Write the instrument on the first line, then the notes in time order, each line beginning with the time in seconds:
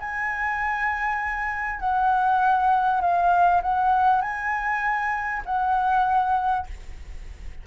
flute
0.00 G#5
1.80 F#5
3.01 F5
3.63 F#5
4.22 G#5
5.45 F#5